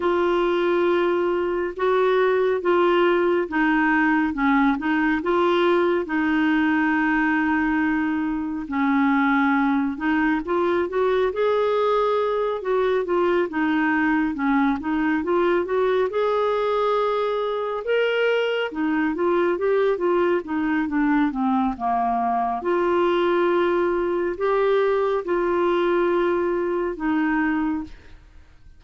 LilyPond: \new Staff \with { instrumentName = "clarinet" } { \time 4/4 \tempo 4 = 69 f'2 fis'4 f'4 | dis'4 cis'8 dis'8 f'4 dis'4~ | dis'2 cis'4. dis'8 | f'8 fis'8 gis'4. fis'8 f'8 dis'8~ |
dis'8 cis'8 dis'8 f'8 fis'8 gis'4.~ | gis'8 ais'4 dis'8 f'8 g'8 f'8 dis'8 | d'8 c'8 ais4 f'2 | g'4 f'2 dis'4 | }